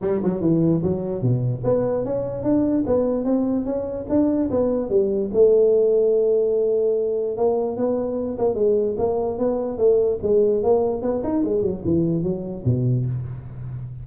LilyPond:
\new Staff \with { instrumentName = "tuba" } { \time 4/4 \tempo 4 = 147 g8 fis8 e4 fis4 b,4 | b4 cis'4 d'4 b4 | c'4 cis'4 d'4 b4 | g4 a2.~ |
a2 ais4 b4~ | b8 ais8 gis4 ais4 b4 | a4 gis4 ais4 b8 dis'8 | gis8 fis8 e4 fis4 b,4 | }